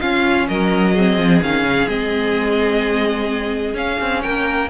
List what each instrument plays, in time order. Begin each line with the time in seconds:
0.00 viola C#4, cello C#4, violin F4 F5
0.47 cello F#3, violin A#4 D#5
0.93 viola C4, violin G#4
1.17 cello F3
1.42 cello D#3, viola C#4, violin F5
1.63 cello C#3
1.87 cello G#3, viola C4, violin D#5
3.73 cello C#4, viola C#4, violin F5
4.00 cello C4
4.21 cello A#3, violin A#4 G5